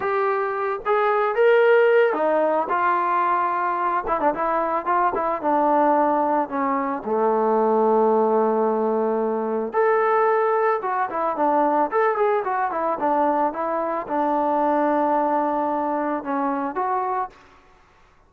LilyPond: \new Staff \with { instrumentName = "trombone" } { \time 4/4 \tempo 4 = 111 g'4. gis'4 ais'4. | dis'4 f'2~ f'8 e'16 d'16 | e'4 f'8 e'8 d'2 | cis'4 a2.~ |
a2 a'2 | fis'8 e'8 d'4 a'8 gis'8 fis'8 e'8 | d'4 e'4 d'2~ | d'2 cis'4 fis'4 | }